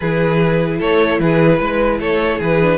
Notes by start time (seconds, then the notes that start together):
0.00 E3 E4 G#4 B4
0.79 A3 A4 C#5
1.19 E3 G#4 B4
1.59 G#3 B4
1.99 A3 A4 C#5
2.38 E3 G#4 B4
2.60 D4